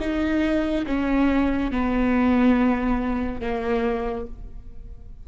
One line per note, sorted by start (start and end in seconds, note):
0.00 0.86 D#4
0.86 1.71 C#4
1.71 3.41 B3
3.41 4.27 A#3